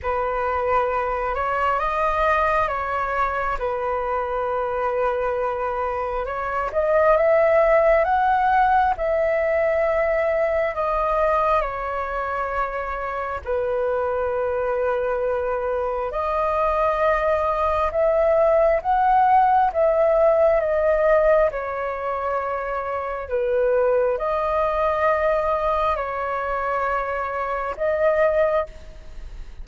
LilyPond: \new Staff \with { instrumentName = "flute" } { \time 4/4 \tempo 4 = 67 b'4. cis''8 dis''4 cis''4 | b'2. cis''8 dis''8 | e''4 fis''4 e''2 | dis''4 cis''2 b'4~ |
b'2 dis''2 | e''4 fis''4 e''4 dis''4 | cis''2 b'4 dis''4~ | dis''4 cis''2 dis''4 | }